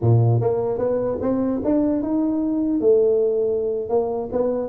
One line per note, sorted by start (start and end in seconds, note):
0.01 0.40 A#2
0.40 0.78 A#3
0.78 1.18 B3
1.21 1.61 C4
1.64 2.02 D4
2.02 2.80 D#4
2.80 3.89 A3
3.89 4.29 A#3
4.32 4.68 B3